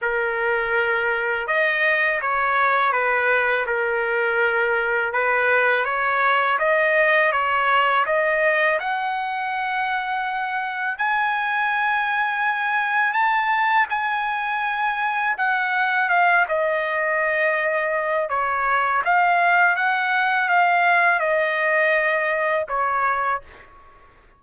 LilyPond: \new Staff \with { instrumentName = "trumpet" } { \time 4/4 \tempo 4 = 82 ais'2 dis''4 cis''4 | b'4 ais'2 b'4 | cis''4 dis''4 cis''4 dis''4 | fis''2. gis''4~ |
gis''2 a''4 gis''4~ | gis''4 fis''4 f''8 dis''4.~ | dis''4 cis''4 f''4 fis''4 | f''4 dis''2 cis''4 | }